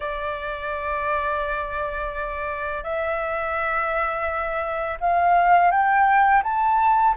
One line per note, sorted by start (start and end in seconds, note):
0.00 2.83 D5
2.83 4.97 E5
5.00 5.71 F5
5.71 6.42 G5
6.43 7.14 A5